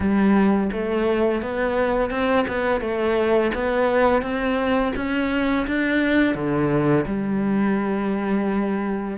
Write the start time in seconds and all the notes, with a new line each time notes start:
0.00 G3
0.72 A3
1.42 B3
2.10 C4
2.47 B3
2.80 A3
3.54 B3
4.22 C4
4.95 C#4
5.67 D4
6.34 D3
7.06 G3